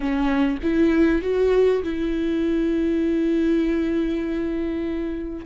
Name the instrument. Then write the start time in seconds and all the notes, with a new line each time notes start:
viola
0.00 C#4
0.62 E4
1.22 F#4
1.83 E4